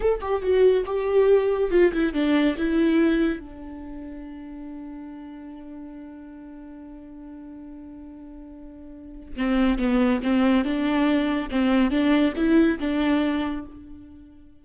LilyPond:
\new Staff \with { instrumentName = "viola" } { \time 4/4 \tempo 4 = 141 a'8 g'8 fis'4 g'2 | f'8 e'8 d'4 e'2 | d'1~ | d'1~ |
d'1~ | d'2 c'4 b4 | c'4 d'2 c'4 | d'4 e'4 d'2 | }